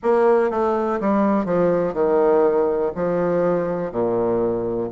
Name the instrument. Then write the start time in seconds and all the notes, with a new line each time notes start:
bassoon
0.02 A#3
0.50 A3
1.00 G3
1.45 F3
1.93 D#3
2.95 F3
3.91 A#2